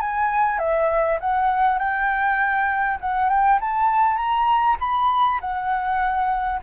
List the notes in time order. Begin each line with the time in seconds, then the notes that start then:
0.00 G#5
0.59 E5
1.20 F#5
1.78 G5
3.00 F#5
3.29 G5
3.61 A5
4.16 A#5
4.79 B5
5.40 F#5